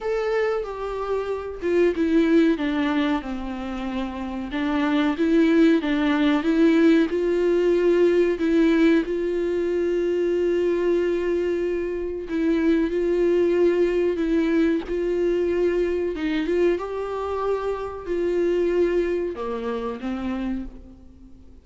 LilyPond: \new Staff \with { instrumentName = "viola" } { \time 4/4 \tempo 4 = 93 a'4 g'4. f'8 e'4 | d'4 c'2 d'4 | e'4 d'4 e'4 f'4~ | f'4 e'4 f'2~ |
f'2. e'4 | f'2 e'4 f'4~ | f'4 dis'8 f'8 g'2 | f'2 ais4 c'4 | }